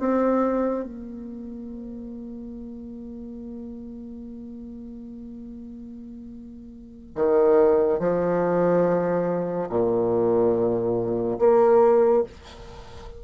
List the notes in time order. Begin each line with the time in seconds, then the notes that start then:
0.00 C4
0.85 A#3
7.16 D#3
8.00 F3
9.70 A#2
11.39 A#3